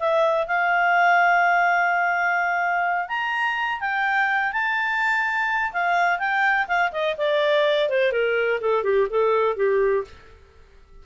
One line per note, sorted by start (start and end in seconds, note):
0.00 0.48 E5
0.48 3.09 F5
3.09 3.81 A#5
3.81 4.53 G5
4.53 5.73 A5
5.73 6.19 F5
6.19 6.67 G5
6.68 6.92 F5
6.93 7.17 D#5
7.18 7.90 D5
7.90 8.13 C5
8.13 8.61 A#4
8.61 8.84 A4
8.84 9.08 G4
9.10 9.57 A4
9.57 10.05 G4